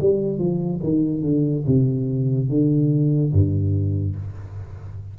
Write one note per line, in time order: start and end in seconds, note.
0.00 0.39 G3
0.39 0.80 F3
0.83 1.22 D#3
1.22 1.64 D3
1.66 2.49 C3
2.49 3.32 D3
3.33 4.16 G2